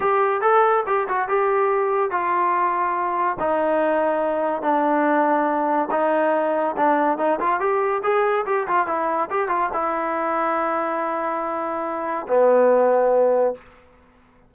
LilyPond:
\new Staff \with { instrumentName = "trombone" } { \time 4/4 \tempo 4 = 142 g'4 a'4 g'8 fis'8 g'4~ | g'4 f'2. | dis'2. d'4~ | d'2 dis'2 |
d'4 dis'8 f'8 g'4 gis'4 | g'8 f'8 e'4 g'8 f'8 e'4~ | e'1~ | e'4 b2. | }